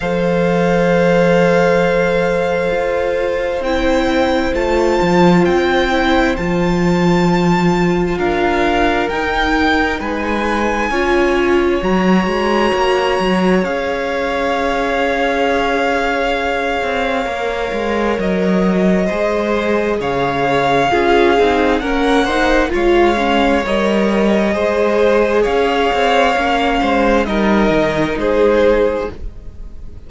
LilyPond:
<<
  \new Staff \with { instrumentName = "violin" } { \time 4/4 \tempo 4 = 66 f''1 | g''4 a''4 g''4 a''4~ | a''4 f''4 g''4 gis''4~ | gis''4 ais''2 f''4~ |
f''1 | dis''2 f''2 | fis''4 f''4 dis''2 | f''2 dis''4 c''4 | }
  \new Staff \with { instrumentName = "violin" } { \time 4/4 c''1~ | c''1~ | c''4 ais'2 b'4 | cis''1~ |
cis''1~ | cis''4 c''4 cis''4 gis'4 | ais'8 c''8 cis''2 c''4 | cis''4. c''8 ais'4 gis'4 | }
  \new Staff \with { instrumentName = "viola" } { \time 4/4 a'1 | e'4 f'4. e'8 f'4~ | f'2 dis'2 | f'4 fis'2 gis'4~ |
gis'2. ais'4~ | ais'4 gis'2 f'8 dis'8 | cis'8 dis'8 f'8 cis'8 ais'4 gis'4~ | gis'4 cis'4 dis'2 | }
  \new Staff \with { instrumentName = "cello" } { \time 4/4 f2. f'4 | c'4 a8 f8 c'4 f4~ | f4 d'4 dis'4 gis4 | cis'4 fis8 gis8 ais8 fis8 cis'4~ |
cis'2~ cis'8 c'8 ais8 gis8 | fis4 gis4 cis4 cis'8 c'8 | ais4 gis4 g4 gis4 | cis'8 c'8 ais8 gis8 g8 dis8 gis4 | }
>>